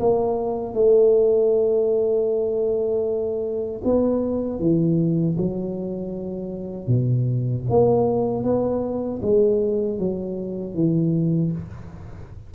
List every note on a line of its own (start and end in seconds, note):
0.00 0.74 A#3
0.74 3.82 A3
3.85 4.60 B3
4.60 5.37 E3
5.38 6.88 F#3
6.88 7.65 B2
7.70 8.44 A#3
8.44 9.21 B3
9.23 9.99 G#3
9.99 10.75 F#3
10.75 11.52 E3